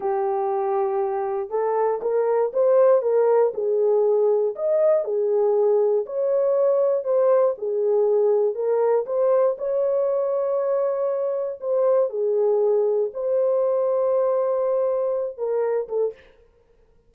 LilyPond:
\new Staff \with { instrumentName = "horn" } { \time 4/4 \tempo 4 = 119 g'2. a'4 | ais'4 c''4 ais'4 gis'4~ | gis'4 dis''4 gis'2 | cis''2 c''4 gis'4~ |
gis'4 ais'4 c''4 cis''4~ | cis''2. c''4 | gis'2 c''2~ | c''2~ c''8 ais'4 a'8 | }